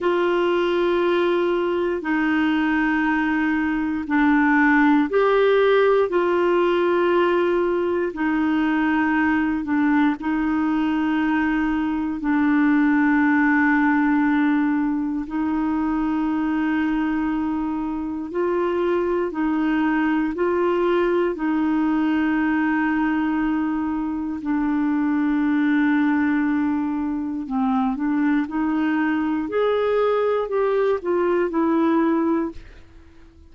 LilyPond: \new Staff \with { instrumentName = "clarinet" } { \time 4/4 \tempo 4 = 59 f'2 dis'2 | d'4 g'4 f'2 | dis'4. d'8 dis'2 | d'2. dis'4~ |
dis'2 f'4 dis'4 | f'4 dis'2. | d'2. c'8 d'8 | dis'4 gis'4 g'8 f'8 e'4 | }